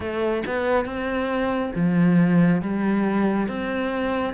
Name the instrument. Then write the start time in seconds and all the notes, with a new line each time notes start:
cello
0.00 A3
0.46 B3
0.85 C4
1.75 F3
2.61 G3
3.48 C4